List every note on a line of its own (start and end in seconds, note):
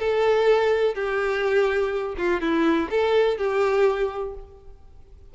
0.00 0.95 A4
0.95 2.16 G4
2.18 2.41 F4
2.41 2.89 E4
2.91 3.38 A4
3.38 4.35 G4